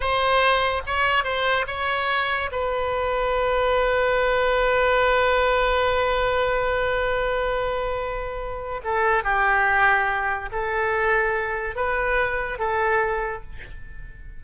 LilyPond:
\new Staff \with { instrumentName = "oboe" } { \time 4/4 \tempo 4 = 143 c''2 cis''4 c''4 | cis''2 b'2~ | b'1~ | b'1~ |
b'1~ | b'4 a'4 g'2~ | g'4 a'2. | b'2 a'2 | }